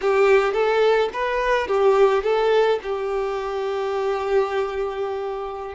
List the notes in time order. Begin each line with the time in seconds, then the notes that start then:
0.01 G4
0.53 A4
1.13 B4
1.67 G4
2.23 A4
2.82 G4